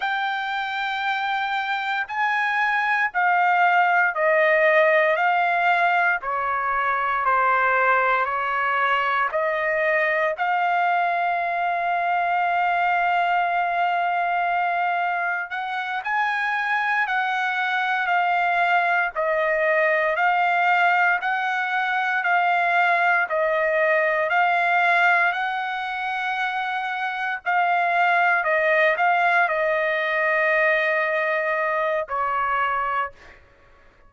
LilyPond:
\new Staff \with { instrumentName = "trumpet" } { \time 4/4 \tempo 4 = 58 g''2 gis''4 f''4 | dis''4 f''4 cis''4 c''4 | cis''4 dis''4 f''2~ | f''2. fis''8 gis''8~ |
gis''8 fis''4 f''4 dis''4 f''8~ | f''8 fis''4 f''4 dis''4 f''8~ | f''8 fis''2 f''4 dis''8 | f''8 dis''2~ dis''8 cis''4 | }